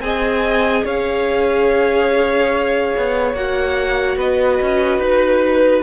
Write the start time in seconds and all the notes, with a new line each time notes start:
0.00 C4 G#4 D#5 G#5
0.85 C#4 C#5 F5
2.97 B3
3.34 A#3 F#4 F#5
4.16 B3 B4 D#5
4.62 C#4
4.98 D#4 B4